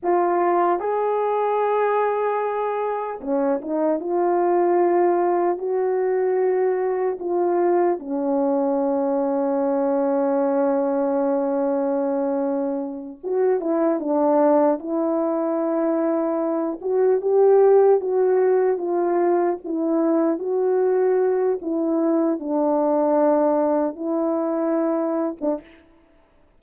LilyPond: \new Staff \with { instrumentName = "horn" } { \time 4/4 \tempo 4 = 75 f'4 gis'2. | cis'8 dis'8 f'2 fis'4~ | fis'4 f'4 cis'2~ | cis'1~ |
cis'8 fis'8 e'8 d'4 e'4.~ | e'4 fis'8 g'4 fis'4 f'8~ | f'8 e'4 fis'4. e'4 | d'2 e'4.~ e'16 d'16 | }